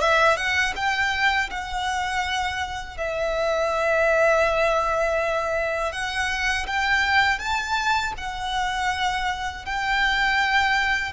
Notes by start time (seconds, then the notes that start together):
0.00 E5
0.37 F#5
0.76 G5
1.50 F#5
2.98 E5
5.92 F#5
6.67 G5
7.39 A5
8.18 F#5
9.65 G5